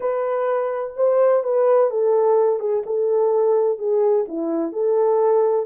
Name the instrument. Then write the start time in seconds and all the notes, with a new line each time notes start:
horn
0.00 B4
0.96 C5
1.43 B4
1.90 A4
2.59 G#4
2.85 A4
3.78 G#4
4.28 E4
4.72 A4